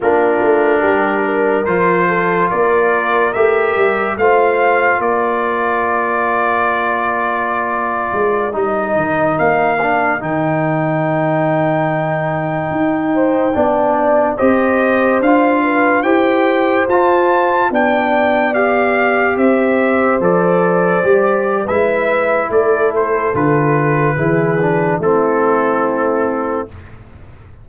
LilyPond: <<
  \new Staff \with { instrumentName = "trumpet" } { \time 4/4 \tempo 4 = 72 ais'2 c''4 d''4 | e''4 f''4 d''2~ | d''2~ d''16 dis''4 f''8.~ | f''16 g''2.~ g''8.~ |
g''4~ g''16 dis''4 f''4 g''8.~ | g''16 a''4 g''4 f''4 e''8.~ | e''16 d''4.~ d''16 e''4 d''8 c''8 | b'2 a'2 | }
  \new Staff \with { instrumentName = "horn" } { \time 4/4 f'4 g'8 ais'4 a'8 ais'4~ | ais'4 c''4 ais'2~ | ais'1~ | ais'2.~ ais'8. c''16~ |
c''16 d''4 c''4. b'8 c''8.~ | c''4~ c''16 d''2 c''8.~ | c''2 b'4 a'4~ | a'4 gis'4 e'2 | }
  \new Staff \with { instrumentName = "trombone" } { \time 4/4 d'2 f'2 | g'4 f'2.~ | f'2~ f'16 dis'4. d'16~ | d'16 dis'2.~ dis'8.~ |
dis'16 d'4 g'4 f'4 g'8.~ | g'16 f'4 d'4 g'4.~ g'16~ | g'16 a'4 g'8. e'2 | f'4 e'8 d'8 c'2 | }
  \new Staff \with { instrumentName = "tuba" } { \time 4/4 ais8 a8 g4 f4 ais4 | a8 g8 a4 ais2~ | ais4.~ ais16 gis8 g8 dis8 ais8.~ | ais16 dis2. dis'8.~ |
dis'16 b4 c'4 d'4 e'8.~ | e'16 f'4 b2 c'8.~ | c'16 f4 g8. gis4 a4 | d4 e4 a2 | }
>>